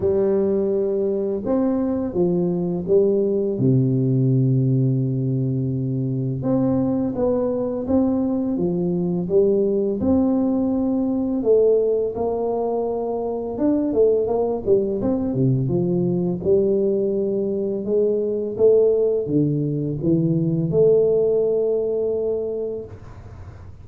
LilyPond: \new Staff \with { instrumentName = "tuba" } { \time 4/4 \tempo 4 = 84 g2 c'4 f4 | g4 c2.~ | c4 c'4 b4 c'4 | f4 g4 c'2 |
a4 ais2 d'8 a8 | ais8 g8 c'8 c8 f4 g4~ | g4 gis4 a4 d4 | e4 a2. | }